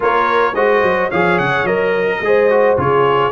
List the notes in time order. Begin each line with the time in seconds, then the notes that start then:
0.00 A#3 F4 A#4 C#5
0.54 G#3 F#4 C5 D#5
0.83 F#3
1.09 F3 G#4 C#5 F5
1.38 C#3 F#5
1.64 F#3 A#4 D#5
2.10 A#4
2.20 G#3 G#4
2.26 C5
2.49 F#4
2.77 C#3 F4 G#4 C#5